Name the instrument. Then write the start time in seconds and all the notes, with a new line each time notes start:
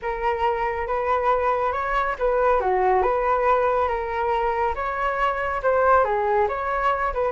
flute
0.02 A#4
0.87 B4
1.72 C#5
2.18 B4
2.60 F#4
3.02 B4
3.88 A#4
4.75 C#5
5.62 C5
6.04 G#4
6.48 C#5
7.13 B4